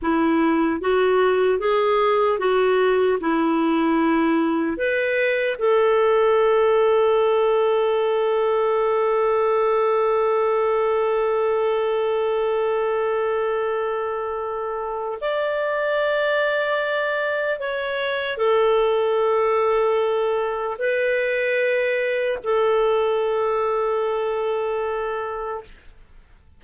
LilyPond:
\new Staff \with { instrumentName = "clarinet" } { \time 4/4 \tempo 4 = 75 e'4 fis'4 gis'4 fis'4 | e'2 b'4 a'4~ | a'1~ | a'1~ |
a'2. d''4~ | d''2 cis''4 a'4~ | a'2 b'2 | a'1 | }